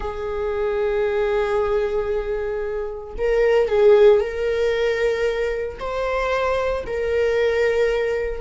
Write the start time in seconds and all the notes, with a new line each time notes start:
0.00 G#4
3.18 A#4
3.68 G#4
4.20 A#4
5.79 C5
6.86 A#4